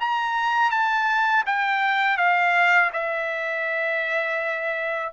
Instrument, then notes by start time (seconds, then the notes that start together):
trumpet
0.00 A#5
0.71 A5
1.46 G5
2.18 F5
2.93 E5